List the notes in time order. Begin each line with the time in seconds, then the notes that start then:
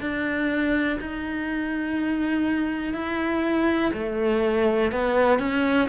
0.00 D4
1.00 D#4
2.94 E4
3.93 A3
4.92 B3
5.39 C#4